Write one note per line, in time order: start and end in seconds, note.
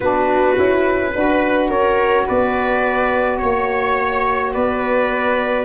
0.00 0.57 B3
0.00 0.55 D4
0.00 1.11 F#4
0.00 1.67 B4
0.55 1.14 C#4
0.55 1.11 E4
1.12 1.69 D4
1.12 5.64 F#4
1.12 1.68 B4
1.68 2.26 C#4
1.68 2.25 A#4
1.68 2.26 C#5
2.25 3.42 B3
2.25 3.39 B4
2.25 3.37 D5
3.37 4.55 A#3
3.37 4.51 C#5
3.37 4.53 C#5
4.53 5.64 B3
4.53 5.64 B4
4.53 5.64 D5